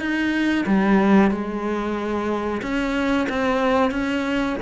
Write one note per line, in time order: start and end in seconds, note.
0.00 0.65 D#4
0.66 1.31 G3
1.31 2.61 G#3
2.62 3.28 C#4
3.29 3.91 C4
3.91 4.56 C#4